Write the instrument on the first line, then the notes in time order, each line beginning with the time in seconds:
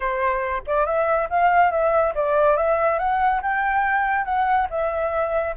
flute
0.00 C5
0.66 D5
0.85 E5
1.29 F5
1.71 E5
2.14 D5
2.56 E5
2.98 F#5
3.42 G5
4.24 F#5
4.70 E5